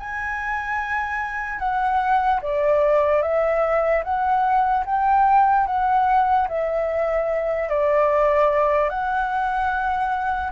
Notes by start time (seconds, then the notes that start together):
0.00 G#5
1.59 F#5
2.42 D5
3.22 E5
4.04 F#5
4.86 G5
5.67 F#5
6.49 E5
7.69 D5
8.90 F#5